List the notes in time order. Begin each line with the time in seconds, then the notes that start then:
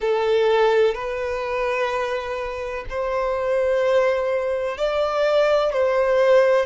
0.00 A4
0.94 B4
2.89 C5
4.77 D5
5.72 C5